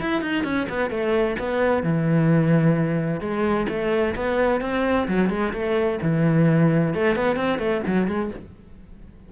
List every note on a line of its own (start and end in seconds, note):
0.00 0.21 E4
0.21 0.43 D#4
0.43 0.67 C#4
0.68 0.90 B3
0.90 1.36 A3
1.39 1.83 B3
1.83 3.20 E3
3.20 3.66 G#3
3.68 4.15 A3
4.15 4.61 B3
4.61 5.07 C4
5.07 5.29 F#3
5.29 5.52 G#3
5.52 5.99 A3
6.02 6.94 E3
6.94 7.16 A3
7.16 7.36 B3
7.36 7.58 C4
7.58 7.81 A3
7.86 8.07 F#3
8.07 8.30 G#3